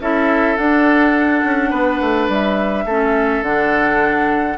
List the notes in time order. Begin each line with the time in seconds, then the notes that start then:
0.00 C#4 E4 A4 E5
0.57 D4 F#5
1.44 C#4
1.70 B3 B4
2.00 A3
2.28 G3 E5
2.85 A3 C#4 A4
3.41 D3 D4 F#5